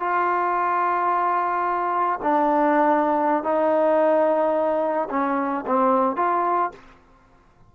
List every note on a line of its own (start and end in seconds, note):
0.00 2.20 F4
2.23 3.44 D4
3.44 5.09 D#4
5.10 5.65 C#4
5.67 6.17 C4
6.17 6.72 F4